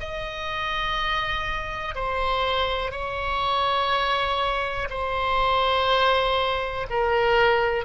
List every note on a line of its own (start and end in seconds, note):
0.00 1.95 D#5
1.95 2.92 C5
2.92 4.88 C#5
4.90 6.87 C5
6.90 7.85 A#4